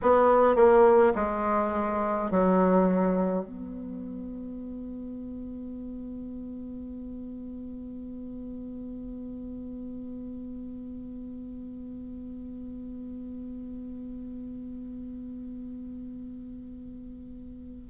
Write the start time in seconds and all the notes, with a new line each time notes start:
0.02 B3
0.55 A#3
1.15 G#3
2.30 F#3
3.46 B3